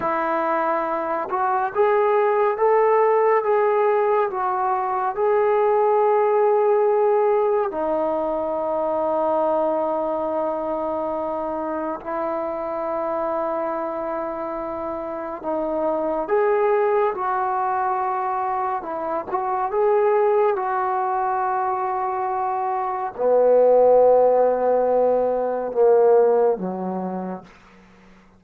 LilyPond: \new Staff \with { instrumentName = "trombone" } { \time 4/4 \tempo 4 = 70 e'4. fis'8 gis'4 a'4 | gis'4 fis'4 gis'2~ | gis'4 dis'2.~ | dis'2 e'2~ |
e'2 dis'4 gis'4 | fis'2 e'8 fis'8 gis'4 | fis'2. b4~ | b2 ais4 fis4 | }